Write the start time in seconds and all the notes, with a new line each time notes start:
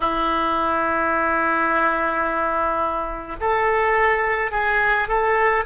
0.00 E4
3.40 A4
4.51 G#4
5.07 A4